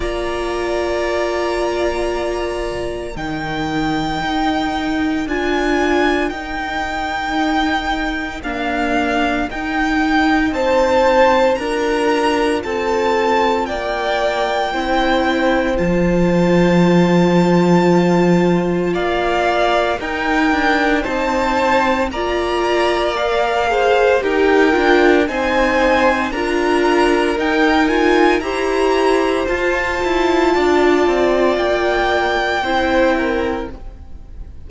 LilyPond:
<<
  \new Staff \with { instrumentName = "violin" } { \time 4/4 \tempo 4 = 57 ais''2. g''4~ | g''4 gis''4 g''2 | f''4 g''4 a''4 ais''4 | a''4 g''2 a''4~ |
a''2 f''4 g''4 | a''4 ais''4 f''4 g''4 | gis''4 ais''4 g''8 gis''8 ais''4 | a''2 g''2 | }
  \new Staff \with { instrumentName = "violin" } { \time 4/4 d''2. ais'4~ | ais'1~ | ais'2 c''4 ais'4 | a'4 d''4 c''2~ |
c''2 d''4 ais'4 | c''4 d''4. c''8 ais'4 | c''4 ais'2 c''4~ | c''4 d''2 c''8 ais'8 | }
  \new Staff \with { instrumentName = "viola" } { \time 4/4 f'2. dis'4~ | dis'4 f'4 dis'2 | ais4 dis'2 f'4~ | f'2 e'4 f'4~ |
f'2. dis'4~ | dis'4 f'4 ais'8 gis'8 g'8 f'8 | dis'4 f'4 dis'8 f'8 g'4 | f'2. e'4 | }
  \new Staff \with { instrumentName = "cello" } { \time 4/4 ais2. dis4 | dis'4 d'4 dis'2 | d'4 dis'4 c'4 d'4 | c'4 ais4 c'4 f4~ |
f2 ais4 dis'8 d'8 | c'4 ais2 dis'8 d'8 | c'4 d'4 dis'4 e'4 | f'8 e'8 d'8 c'8 ais4 c'4 | }
>>